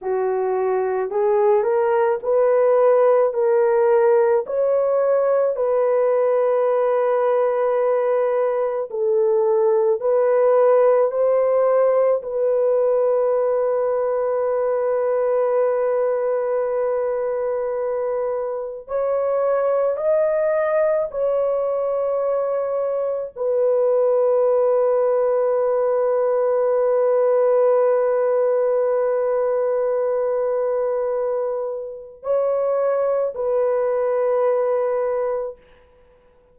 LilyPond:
\new Staff \with { instrumentName = "horn" } { \time 4/4 \tempo 4 = 54 fis'4 gis'8 ais'8 b'4 ais'4 | cis''4 b'2. | a'4 b'4 c''4 b'4~ | b'1~ |
b'4 cis''4 dis''4 cis''4~ | cis''4 b'2.~ | b'1~ | b'4 cis''4 b'2 | }